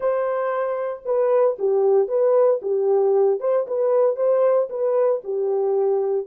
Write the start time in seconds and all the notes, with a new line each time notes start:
0.00 C5
1.05 B4
1.59 G4
2.08 B4
2.62 G4
3.40 C5
3.67 B4
4.16 C5
4.69 B4
5.23 G4